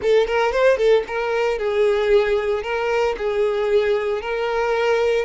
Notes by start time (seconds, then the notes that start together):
0.02 A4
0.27 A#4
0.51 C5
0.77 A4
1.07 A#4
1.58 G#4
2.62 A#4
3.17 G#4
4.21 A#4